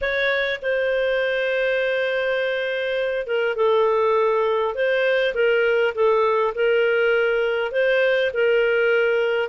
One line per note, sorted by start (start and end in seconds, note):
0.01 0.60 C#5
0.62 3.26 C5
3.26 3.56 A#4
3.56 4.74 A4
4.74 5.34 C5
5.34 5.94 A#4
5.94 6.54 A4
6.54 7.71 A#4
7.71 8.31 C5
8.33 9.49 A#4